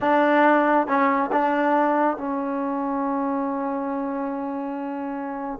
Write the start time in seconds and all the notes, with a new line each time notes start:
0.00 D4
0.87 C#4
1.32 D4
2.17 C#4